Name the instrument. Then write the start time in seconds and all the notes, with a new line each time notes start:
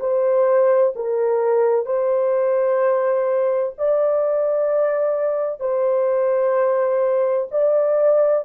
horn
0.00 C5
0.95 A#4
1.85 C5
3.78 D5
5.60 C5
7.51 D5